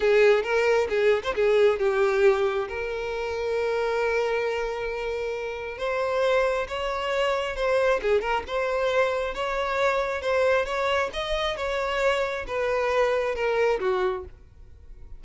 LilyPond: \new Staff \with { instrumentName = "violin" } { \time 4/4 \tempo 4 = 135 gis'4 ais'4 gis'8. c''16 gis'4 | g'2 ais'2~ | ais'1~ | ais'4 c''2 cis''4~ |
cis''4 c''4 gis'8 ais'8 c''4~ | c''4 cis''2 c''4 | cis''4 dis''4 cis''2 | b'2 ais'4 fis'4 | }